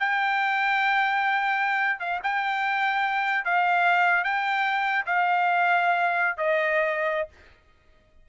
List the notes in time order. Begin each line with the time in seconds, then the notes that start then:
0.00 G5
2.00 F5
2.24 G5
3.45 F5
4.25 G5
5.06 F5
6.38 D#5